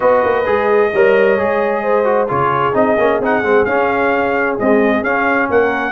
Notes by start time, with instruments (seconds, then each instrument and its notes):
0.00 tuba B3, trombone F#4, horn B4, trumpet D#5
0.24 tuba A#3
0.46 tuba G#3, trombone G#4
0.93 tuba G3, trombone A#4, horn C#5
1.37 tuba G#3, trombone G#4
1.82 horn C5
2.04 trombone F#4
2.28 tuba C#3, trombone F4, horn G#4, trumpet C#5
2.73 tuba C4, trombone D#4, trumpet D#5
2.98 tuba A#3, trombone C#4
3.20 tuba C4, trombone D#4, trumpet F#5
3.42 tuba G#3, trombone C4
3.65 tuba C#4, trombone C#4, trumpet F5
4.58 trombone G#3, tuba C4, trumpet D#5
5.03 tuba C#4, trombone C#4, trumpet F5
5.50 tuba A#3, horn A#4, trumpet F#5